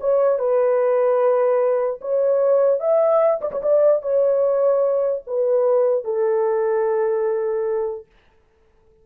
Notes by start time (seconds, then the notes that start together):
0.00 C#5
0.39 B4
2.01 C#5
2.80 E5
3.41 D5
3.51 C#5
3.62 D5
4.02 C#5
5.26 B4
6.04 A4